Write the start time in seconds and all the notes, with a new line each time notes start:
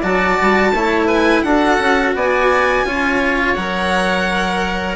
0.00 F#3 F#4 D5 A5
0.41 G3
0.74 A3 E4 C#5
1.07 B4 G#5
1.43 D4 F#4 A4 F#5
1.79 C#4
2.15 B3 D5 G#5
2.84 C#4 F4 C#5
3.54 F#3 A#4 F#5